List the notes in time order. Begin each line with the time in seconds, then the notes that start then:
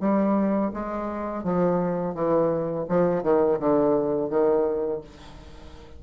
0.00 G3
0.73 G#3
1.44 F3
2.14 E3
2.88 F3
3.23 D#3
3.59 D3
4.30 D#3